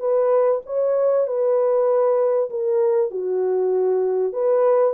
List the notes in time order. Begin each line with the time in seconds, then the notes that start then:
0.00 B4
0.66 C#5
1.27 B4
2.50 A#4
3.11 F#4
4.33 B4